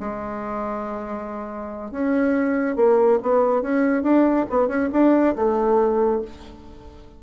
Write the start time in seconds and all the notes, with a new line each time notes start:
0.00 G#3
1.91 C#4
2.76 A#3
3.22 B3
3.62 C#4
4.03 D4
4.49 B3
4.68 C#4
4.92 D4
5.36 A3